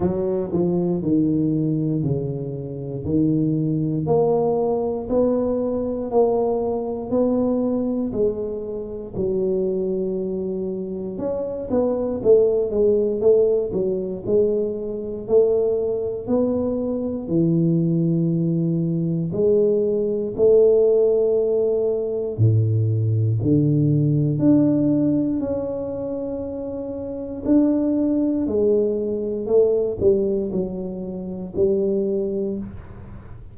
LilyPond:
\new Staff \with { instrumentName = "tuba" } { \time 4/4 \tempo 4 = 59 fis8 f8 dis4 cis4 dis4 | ais4 b4 ais4 b4 | gis4 fis2 cis'8 b8 | a8 gis8 a8 fis8 gis4 a4 |
b4 e2 gis4 | a2 a,4 d4 | d'4 cis'2 d'4 | gis4 a8 g8 fis4 g4 | }